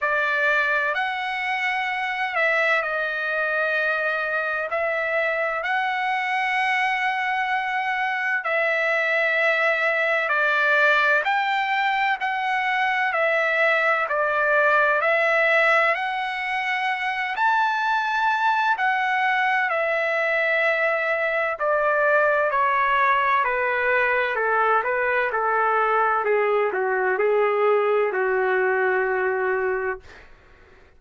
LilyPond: \new Staff \with { instrumentName = "trumpet" } { \time 4/4 \tempo 4 = 64 d''4 fis''4. e''8 dis''4~ | dis''4 e''4 fis''2~ | fis''4 e''2 d''4 | g''4 fis''4 e''4 d''4 |
e''4 fis''4. a''4. | fis''4 e''2 d''4 | cis''4 b'4 a'8 b'8 a'4 | gis'8 fis'8 gis'4 fis'2 | }